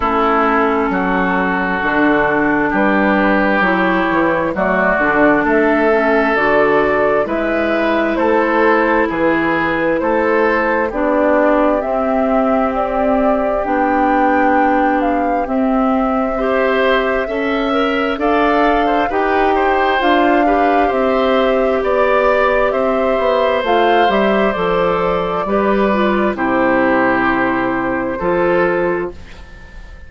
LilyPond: <<
  \new Staff \with { instrumentName = "flute" } { \time 4/4 \tempo 4 = 66 a'2. b'4 | cis''4 d''4 e''4 d''4 | e''4 c''4 b'4 c''4 | d''4 e''4 d''4 g''4~ |
g''8 f''8 e''2. | f''4 g''4 f''4 e''4 | d''4 e''4 f''8 e''8 d''4~ | d''4 c''2. | }
  \new Staff \with { instrumentName = "oboe" } { \time 4/4 e'4 fis'2 g'4~ | g'4 fis'4 a'2 | b'4 a'4 gis'4 a'4 | g'1~ |
g'2 c''4 e''4 | d''8. c''16 b'8 c''4 b'8 c''4 | d''4 c''2. | b'4 g'2 a'4 | }
  \new Staff \with { instrumentName = "clarinet" } { \time 4/4 cis'2 d'2 | e'4 a8 d'4 cis'8 fis'4 | e'1 | d'4 c'2 d'4~ |
d'4 c'4 g'4 a'8 ais'8 | a'4 g'4 f'8 g'4.~ | g'2 f'8 g'8 a'4 | g'8 f'8 e'2 f'4 | }
  \new Staff \with { instrumentName = "bassoon" } { \time 4/4 a4 fis4 d4 g4 | fis8 e8 fis8 d8 a4 d4 | gis4 a4 e4 a4 | b4 c'2 b4~ |
b4 c'2 cis'4 | d'4 dis'4 d'4 c'4 | b4 c'8 b8 a8 g8 f4 | g4 c2 f4 | }
>>